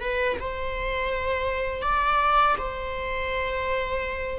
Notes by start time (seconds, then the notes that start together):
0.00 B4
0.39 C5
1.82 D5
2.58 C5